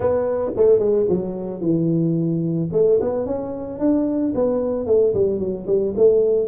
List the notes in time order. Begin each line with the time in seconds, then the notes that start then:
0.00 B3
0.56 A3
0.79 G#3
1.08 F#3
1.61 E3
2.72 A3
3.00 B3
3.26 C#4
3.79 D4
4.34 B3
4.86 A3
5.14 G3
5.39 F#3
5.67 G3
5.96 A3